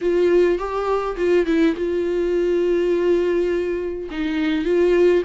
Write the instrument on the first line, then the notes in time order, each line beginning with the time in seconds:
viola
0.01 F4
0.58 G4
1.17 F4
1.46 E4
1.76 F4
4.10 D#4
4.64 F4